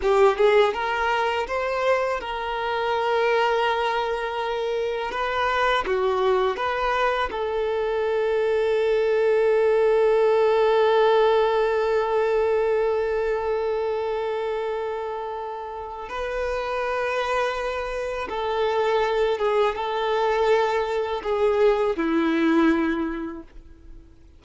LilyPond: \new Staff \with { instrumentName = "violin" } { \time 4/4 \tempo 4 = 82 g'8 gis'8 ais'4 c''4 ais'4~ | ais'2. b'4 | fis'4 b'4 a'2~ | a'1~ |
a'1~ | a'2 b'2~ | b'4 a'4. gis'8 a'4~ | a'4 gis'4 e'2 | }